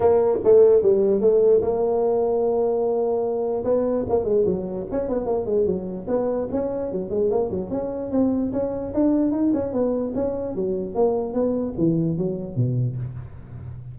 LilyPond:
\new Staff \with { instrumentName = "tuba" } { \time 4/4 \tempo 4 = 148 ais4 a4 g4 a4 | ais1~ | ais4 b4 ais8 gis8 fis4 | cis'8 b8 ais8 gis8 fis4 b4 |
cis'4 fis8 gis8 ais8 fis8 cis'4 | c'4 cis'4 d'4 dis'8 cis'8 | b4 cis'4 fis4 ais4 | b4 e4 fis4 b,4 | }